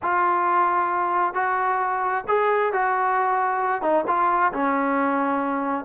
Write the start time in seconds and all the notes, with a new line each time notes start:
0.02 F4
1.34 F#4
2.27 G#4
2.73 F#4
3.81 D#4
4.07 F4
4.52 C#4